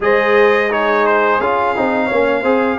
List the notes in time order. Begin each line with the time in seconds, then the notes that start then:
0.00 G#3 G#4 C5 D#5
0.70 D#4 G#4 C#5
1.06 C5
1.39 C#4 F4 F5
1.76 C4 D#4
2.05 A#3 C#5
2.12 C#4
2.41 C4 G#4 C5